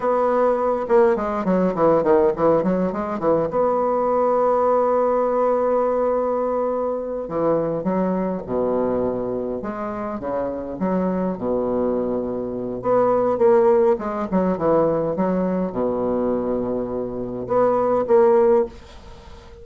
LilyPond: \new Staff \with { instrumentName = "bassoon" } { \time 4/4 \tempo 4 = 103 b4. ais8 gis8 fis8 e8 dis8 | e8 fis8 gis8 e8 b2~ | b1~ | b8 e4 fis4 b,4.~ |
b,8 gis4 cis4 fis4 b,8~ | b,2 b4 ais4 | gis8 fis8 e4 fis4 b,4~ | b,2 b4 ais4 | }